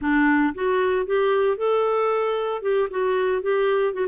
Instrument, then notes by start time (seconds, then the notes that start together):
clarinet
0.01 D4
0.54 F#4
1.06 G4
1.57 A4
2.62 G4
2.90 F#4
3.42 G4
3.93 F#4